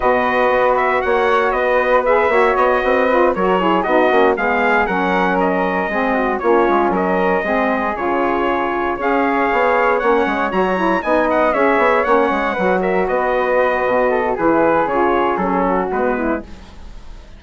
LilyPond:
<<
  \new Staff \with { instrumentName = "trumpet" } { \time 4/4 \tempo 4 = 117 dis''4. e''8 fis''4 dis''4 | e''4 dis''4. cis''4 dis''8~ | dis''8 f''4 fis''4 dis''4.~ | dis''8 cis''4 dis''2 cis''8~ |
cis''4. f''2 fis''8~ | fis''8 ais''4 gis''8 fis''8 e''4 fis''8~ | fis''4 e''8 dis''2~ dis''8 | b'4 cis''4 a'4 b'4 | }
  \new Staff \with { instrumentName = "flute" } { \time 4/4 b'2 cis''4 b'4~ | b'8 cis''4 b'4 ais'8 gis'8 fis'8~ | fis'8 gis'4 ais'2 gis'8 | fis'8 f'4 ais'4 gis'4.~ |
gis'4. cis''2~ cis''8~ | cis''4. dis''4 cis''4.~ | cis''8 b'8 ais'8 b'2 a'8 | gis'2~ gis'8 fis'4 e'8 | }
  \new Staff \with { instrumentName = "saxophone" } { \time 4/4 fis'1 | gis'8 fis'4. f'8 fis'8 e'8 dis'8 | cis'8 b4 cis'2 c'8~ | c'8 cis'2 c'4 f'8~ |
f'4. gis'2 cis'8~ | cis'8 fis'8 e'8 dis'4 gis'4 cis'8~ | cis'8 fis'2.~ fis'8 | e'4 f'4 cis'4 b4 | }
  \new Staff \with { instrumentName = "bassoon" } { \time 4/4 b,4 b4 ais4 b4~ | b8 ais8 b8 c'4 fis4 b8 | ais8 gis4 fis2 gis8~ | gis8 ais8 gis8 fis4 gis4 cis8~ |
cis4. cis'4 b4 ais8 | gis8 fis4 b4 cis'8 b8 ais8 | gis8 fis4 b4. b,4 | e4 cis4 fis4 gis4 | }
>>